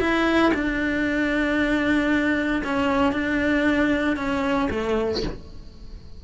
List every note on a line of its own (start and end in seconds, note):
0.00 0.52 E4
0.54 2.63 D4
2.64 3.12 C#4
3.12 4.16 D4
4.16 4.69 C#4
4.71 5.23 A3